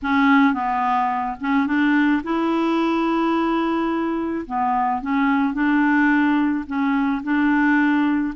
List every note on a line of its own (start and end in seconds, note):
0.02 0.53 C#4
0.53 1.36 B3
1.40 1.66 C#4
1.66 2.22 D4
2.23 4.45 E4
4.46 5.01 B3
5.01 5.53 C#4
5.53 6.64 D4
6.66 7.22 C#4
7.23 8.34 D4